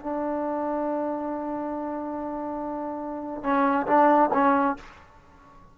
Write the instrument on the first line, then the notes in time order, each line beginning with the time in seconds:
trombone
0.00 D4
3.43 C#4
3.87 D4
4.33 C#4